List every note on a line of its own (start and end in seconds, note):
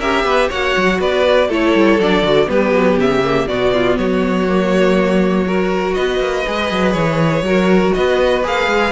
0.00 0.25 C#4
0.00 0.52 G4
0.00 0.25 A#4
0.00 0.50 E5
0.25 0.49 B3
0.25 0.49 B4
0.49 0.76 A#3
0.49 1.50 F#4
0.49 0.99 C#5
0.49 1.01 F#5
0.77 1.00 F#3
1.00 1.49 B3
1.00 1.49 B4
1.00 1.51 D5
1.49 1.74 A3
1.49 2.00 E4
1.49 2.48 A4
1.49 2.01 C#5
1.75 1.99 G3
1.99 2.23 F#3
1.99 2.24 D4
1.99 2.49 D5
2.23 2.48 D3
2.23 2.47 F#4
2.47 2.72 G3
2.47 3.21 B3
2.47 3.49 G4
2.47 2.99 B4
2.72 2.97 F#3
2.98 3.47 C#3
2.98 3.48 E5
3.24 3.49 A#3
3.48 3.97 B2
3.48 4.48 B3
3.48 3.74 F#4
3.48 3.98 D5
3.74 3.99 F4
3.98 5.97 F#3
3.98 5.47 F#4
3.98 5.94 C#5
4.48 5.46 A#3
5.46 6.45 F#4
5.46 5.95 A#4
5.94 6.19 B3
5.94 7.44 B4
5.94 6.93 D#5
6.19 6.44 A#3
6.47 6.71 G#3
6.47 7.46 G#4
6.71 6.95 F#3
6.93 7.43 E3
6.93 7.92 C#5
7.43 7.92 F#3
7.43 8.43 F#4
7.43 7.96 A#4
7.94 8.45 B3
7.94 8.92 B4
7.94 8.44 D#5
8.43 8.68 A#3
8.43 8.92 G#4
8.43 8.92 F5
8.68 8.92 G#3